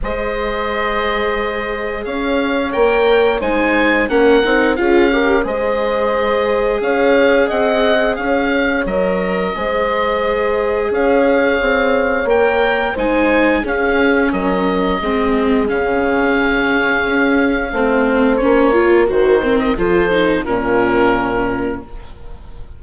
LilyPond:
<<
  \new Staff \with { instrumentName = "oboe" } { \time 4/4 \tempo 4 = 88 dis''2. f''4 | g''4 gis''4 fis''4 f''4 | dis''2 f''4 fis''4 | f''4 dis''2. |
f''2 g''4 gis''4 | f''4 dis''2 f''4~ | f''2. cis''4 | c''8. dis''16 c''4 ais'2 | }
  \new Staff \with { instrumentName = "horn" } { \time 4/4 c''2. cis''4~ | cis''4 c''4 ais'4 gis'8 ais'8 | c''2 cis''4 dis''4 | cis''2 c''2 |
cis''2. c''4 | gis'4 ais'4 gis'2~ | gis'2 c''4. ais'8~ | ais'4 a'4 f'2 | }
  \new Staff \with { instrumentName = "viola" } { \time 4/4 gis'1 | ais'4 dis'4 cis'8 dis'8 f'8 g'8 | gis'1~ | gis'4 ais'4 gis'2~ |
gis'2 ais'4 dis'4 | cis'2 c'4 cis'4~ | cis'2 c'4 cis'8 f'8 | fis'8 c'8 f'8 dis'8 cis'2 | }
  \new Staff \with { instrumentName = "bassoon" } { \time 4/4 gis2. cis'4 | ais4 gis4 ais8 c'8 cis'4 | gis2 cis'4 c'4 | cis'4 fis4 gis2 |
cis'4 c'4 ais4 gis4 | cis'4 fis4 gis4 cis4~ | cis4 cis'4 a4 ais4 | dis4 f4 ais,2 | }
>>